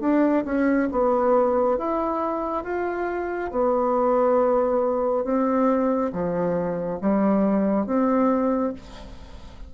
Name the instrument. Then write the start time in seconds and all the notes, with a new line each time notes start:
bassoon
0.00 D4
0.45 C#4
0.91 B3
1.78 E4
2.64 F4
3.51 B3
5.24 C4
6.12 F3
7.01 G3
7.86 C4